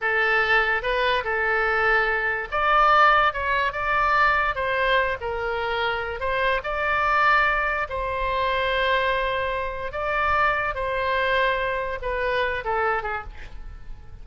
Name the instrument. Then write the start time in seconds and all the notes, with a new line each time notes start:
oboe
0.01 A4
0.82 B4
1.24 A4
2.51 D5
3.33 C#5
3.72 D5
4.55 C5
5.20 A#4
6.20 C5
6.63 D5
7.89 C5
9.92 D5
10.74 C5
12.02 B4
12.64 A4
13.03 G#4